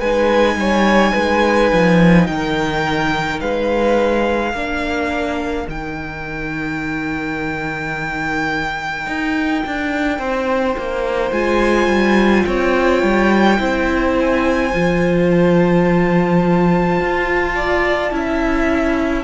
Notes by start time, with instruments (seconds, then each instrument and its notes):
0.00 cello G#3, viola D#4, violin B4 G#5
0.56 cello G3, violin C#5
1.13 cello G#3, violin B4
1.73 cello F3
2.27 cello D#3, violin G5
2.33 violin A#4
3.41 cello G#3, violin B4 F5
4.54 cello A#3, viola D4, violin A#4
5.68 cello D#3, viola D#4, violin G5
9.07 cello D#4
9.67 cello D4
10.19 cello C4, violin C5
10.78 cello A#3
11.32 cello G#3, viola F4, violin G#5
11.87 cello G3
12.45 cello C4, violin C#5 G5
13.03 cello G3
13.59 cello C4, viola E4, violin C5
14.20 violin G#5
14.73 cello F3, viola F4
15.31 violin A5
17.01 cello F4
17.55 violin D5
18.11 cello C#4, viola E4, violin E5